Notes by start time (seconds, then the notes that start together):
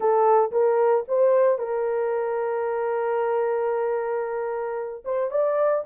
0.00 A4
0.51 A#4
1.07 C5
1.58 A#4
5.04 C5
5.30 D5